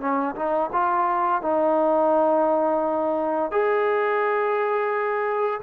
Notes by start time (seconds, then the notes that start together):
0.00 C#4
0.35 D#4
0.72 F4
1.42 D#4
3.51 G#4